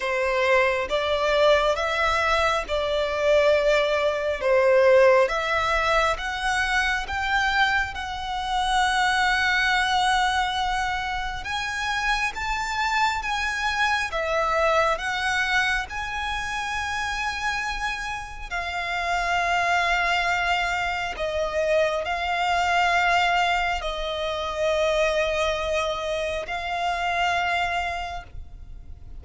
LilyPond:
\new Staff \with { instrumentName = "violin" } { \time 4/4 \tempo 4 = 68 c''4 d''4 e''4 d''4~ | d''4 c''4 e''4 fis''4 | g''4 fis''2.~ | fis''4 gis''4 a''4 gis''4 |
e''4 fis''4 gis''2~ | gis''4 f''2. | dis''4 f''2 dis''4~ | dis''2 f''2 | }